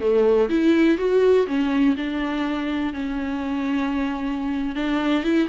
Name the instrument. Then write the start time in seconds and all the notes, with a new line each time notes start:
viola
0.00 A3
0.49 E4
0.98 F#4
1.47 C#4
1.96 D4
2.93 C#4
4.75 D4
5.24 E4